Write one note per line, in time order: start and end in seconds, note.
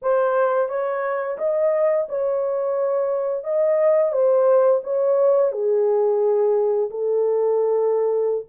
0.02 0.68 C5
0.68 1.37 C#5
1.38 2.07 D#5
2.08 3.44 C#5
3.44 4.12 D#5
4.12 4.81 C5
4.83 5.52 C#5
5.52 6.90 G#4
6.90 8.45 A4